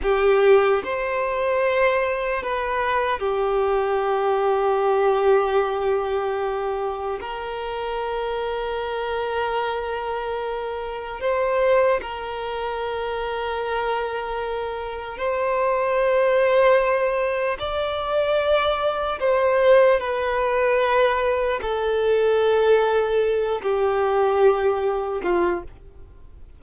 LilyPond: \new Staff \with { instrumentName = "violin" } { \time 4/4 \tempo 4 = 75 g'4 c''2 b'4 | g'1~ | g'4 ais'2.~ | ais'2 c''4 ais'4~ |
ais'2. c''4~ | c''2 d''2 | c''4 b'2 a'4~ | a'4. g'2 f'8 | }